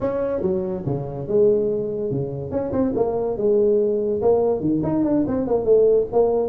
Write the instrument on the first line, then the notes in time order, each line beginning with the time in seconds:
tuba
0.01 C#4
0.41 F#3
0.86 C#3
1.27 G#3
2.10 C#3
2.51 C#4
2.72 C4
2.95 A#3
3.37 G#3
4.21 A#3
4.60 D#3
4.83 D#4
5.03 D4
5.27 C4
5.47 A#3
5.65 A3
6.12 A#3